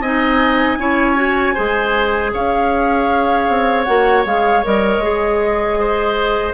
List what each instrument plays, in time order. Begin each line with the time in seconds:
0.00 bassoon C4, clarinet D#4, oboe D#5, flute G#5
0.77 bassoon C#4, clarinet E4, oboe C#5
1.15 clarinet F#4
1.54 bassoon G#3, clarinet G#4, oboe C5
2.33 bassoon C#4, oboe C#5, flute F5
3.48 bassoon C4
3.83 bassoon A#3, clarinet F#4, flute F#5
4.25 bassoon G#3, clarinet G#4, flute F5
4.64 bassoon G3, clarinet A#4, flute D#5
4.97 bassoon G#3, clarinet G#4
5.79 oboe C5